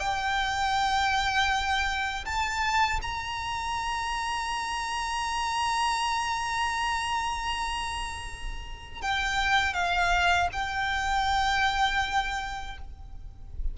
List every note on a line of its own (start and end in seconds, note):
0.00 2.25 G5
2.25 3.00 A5
3.02 9.02 A#5
9.02 9.74 G5
9.74 10.49 F5
10.53 12.78 G5